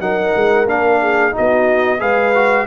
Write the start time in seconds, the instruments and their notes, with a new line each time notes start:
0.00 tuba F#3, trombone D#4, horn A#4, trumpet F#5
0.36 tuba G#3
0.66 tuba A#3, trombone D4, trumpet F5
1.01 horn G#4
1.32 trombone D#4, horn F#4, trumpet D#5
1.39 tuba B3
2.00 tuba G#3, trombone G#4, horn B4, trumpet F5
2.35 trombone F#4